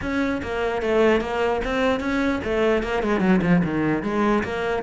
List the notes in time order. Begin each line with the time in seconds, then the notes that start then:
0.01 C#4
0.42 A#3
0.81 A3
1.20 A#3
1.64 C4
1.99 C#4
2.44 A3
2.83 A#3
3.03 G#3
3.20 F#3
3.42 F3
3.64 D#3
4.02 G#3
4.43 A#3